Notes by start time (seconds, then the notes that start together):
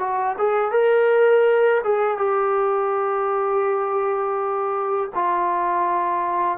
0.00 F#4
0.39 G#4
0.72 A#4
1.84 G#4
2.18 G4
5.15 F4